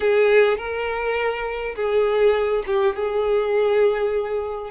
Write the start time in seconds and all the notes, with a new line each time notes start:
0.00 G#4
0.57 A#4
1.75 G#4
2.66 G4
2.95 G#4